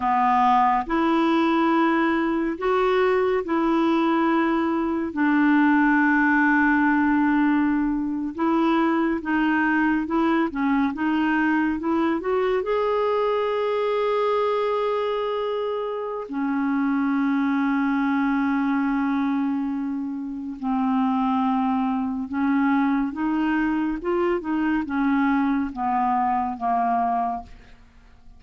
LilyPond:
\new Staff \with { instrumentName = "clarinet" } { \time 4/4 \tempo 4 = 70 b4 e'2 fis'4 | e'2 d'2~ | d'4.~ d'16 e'4 dis'4 e'16~ | e'16 cis'8 dis'4 e'8 fis'8 gis'4~ gis'16~ |
gis'2. cis'4~ | cis'1 | c'2 cis'4 dis'4 | f'8 dis'8 cis'4 b4 ais4 | }